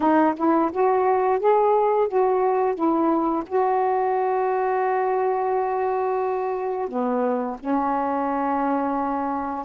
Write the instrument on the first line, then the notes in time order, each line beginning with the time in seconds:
saxophone
0.00 D#4
0.36 E4
0.71 F#4
1.39 G#4
2.08 F#4
2.74 E4
3.46 F#4
6.88 B3
7.59 C#4